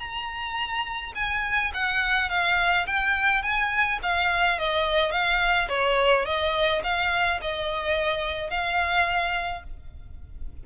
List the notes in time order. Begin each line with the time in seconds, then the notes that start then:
0.00 A#5
1.16 G#5
1.74 F#5
2.30 F5
2.87 G5
3.43 G#5
4.03 F5
4.59 D#5
5.12 F5
5.69 C#5
6.25 D#5
6.84 F5
7.42 D#5
8.51 F5